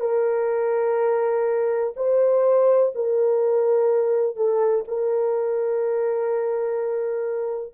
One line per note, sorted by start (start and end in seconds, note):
0.00 1.94 A#4
1.96 2.93 C5
2.95 4.36 A#4
4.36 4.84 A4
4.87 7.74 A#4